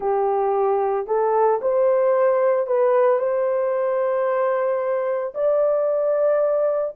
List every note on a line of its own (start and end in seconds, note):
0.00 1.06 G4
1.06 1.60 A4
1.61 2.66 C5
2.66 3.19 B4
3.19 5.33 C5
5.34 6.94 D5